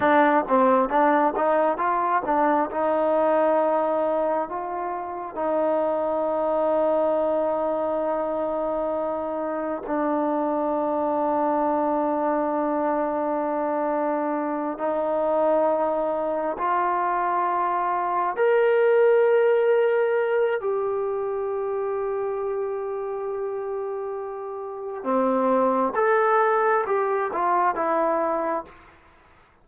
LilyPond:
\new Staff \with { instrumentName = "trombone" } { \time 4/4 \tempo 4 = 67 d'8 c'8 d'8 dis'8 f'8 d'8 dis'4~ | dis'4 f'4 dis'2~ | dis'2. d'4~ | d'1~ |
d'8 dis'2 f'4.~ | f'8 ais'2~ ais'8 g'4~ | g'1 | c'4 a'4 g'8 f'8 e'4 | }